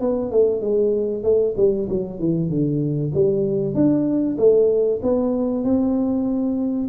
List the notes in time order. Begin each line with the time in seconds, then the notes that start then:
0.00 B3
0.31 A3
0.61 G#3
1.23 A3
1.56 G3
1.89 F#3
2.19 E3
2.49 D3
3.14 G3
3.74 D4
4.38 A3
5.02 B3
5.63 C4